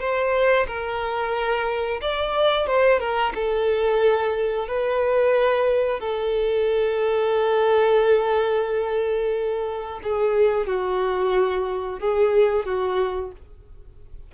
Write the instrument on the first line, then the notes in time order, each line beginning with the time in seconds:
violin
0.00 C5
0.68 A#4
2.01 D5
2.67 C5
3.00 A#4
3.35 A4
4.68 B4
6.00 A4
10.04 G#4
10.67 F#4
12.00 G#4
12.65 F#4